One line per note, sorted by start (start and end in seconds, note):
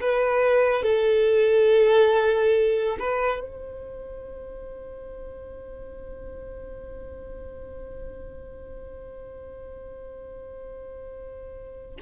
0.00 0.83 B4
0.83 2.97 A4
2.99 3.40 B4
3.40 11.97 C5